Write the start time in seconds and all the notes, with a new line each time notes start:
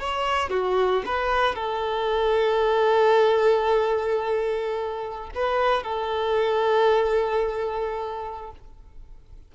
0.00 C#5
0.50 F#4
1.06 B4
1.55 A4
5.35 B4
5.84 A4